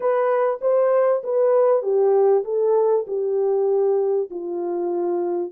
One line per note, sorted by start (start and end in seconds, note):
0.00 0.59 B4
0.61 1.22 C5
1.23 1.82 B4
1.82 2.43 G4
2.44 3.05 A4
3.07 4.29 G4
4.30 5.52 F4